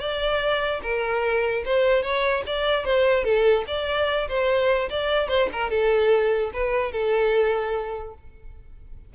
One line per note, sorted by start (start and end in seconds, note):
0.00 0.81 D5
0.82 1.63 A#4
1.65 2.03 C5
2.03 2.43 C#5
2.47 2.85 D5
2.85 3.24 C5
3.24 3.65 A4
3.67 4.28 D5
4.28 4.89 C5
4.90 5.29 D5
5.29 5.49 C5
5.53 5.70 A#4
5.70 6.51 A4
6.53 6.92 B4
6.92 8.14 A4